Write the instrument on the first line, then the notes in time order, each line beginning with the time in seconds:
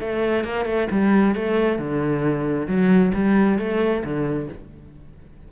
cello
0.00 A3
0.44 A#3
0.65 A3
0.91 G3
1.35 A3
1.78 D3
2.67 F#3
3.14 G3
3.58 A3
4.04 D3